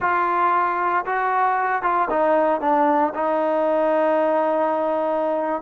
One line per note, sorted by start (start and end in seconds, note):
0.00 1.05 F4
1.05 1.82 F#4
1.82 2.08 F4
2.10 2.60 D#4
2.60 3.13 D4
3.14 5.62 D#4